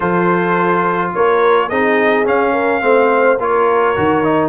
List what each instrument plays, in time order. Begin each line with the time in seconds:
0.00 tuba F3, trombone F4, horn A4, trumpet C5
1.14 tuba A#3, horn A#4, trumpet C#5
1.69 tuba C4, trombone D#4, horn G#4, trumpet D#5
2.24 trombone C#4, tuba C#4, trumpet F5
2.53 horn A#4
2.81 tuba A3, trombone C4, horn C5
3.38 tuba A#3, trombone F4, horn A#4, trumpet C#5
3.95 tuba D#3, trombone F#4
4.23 trombone D#4